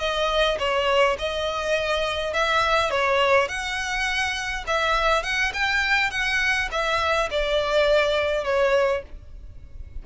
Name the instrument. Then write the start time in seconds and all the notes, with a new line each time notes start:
violin
0.00 D#5
0.59 C#5
1.19 D#5
2.34 E5
2.91 C#5
3.48 F#5
4.67 E5
5.23 F#5
5.54 G5
6.11 F#5
6.71 E5
7.31 D5
8.44 C#5